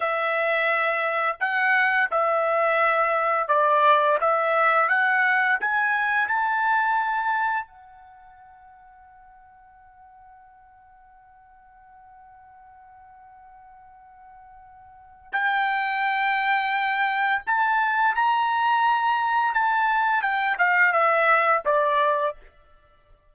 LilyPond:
\new Staff \with { instrumentName = "trumpet" } { \time 4/4 \tempo 4 = 86 e''2 fis''4 e''4~ | e''4 d''4 e''4 fis''4 | gis''4 a''2 fis''4~ | fis''1~ |
fis''1~ | fis''2 g''2~ | g''4 a''4 ais''2 | a''4 g''8 f''8 e''4 d''4 | }